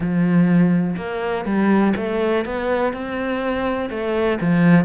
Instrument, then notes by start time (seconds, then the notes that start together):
cello
0.00 F3
0.96 A#3
1.45 G3
1.96 A3
2.45 B3
2.93 C4
3.90 A3
4.40 F3